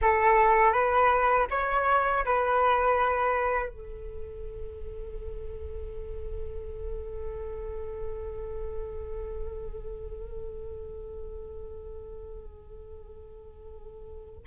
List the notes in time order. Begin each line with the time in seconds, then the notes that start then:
0.01 A4
0.72 B4
1.50 C#5
2.25 B4
3.69 A4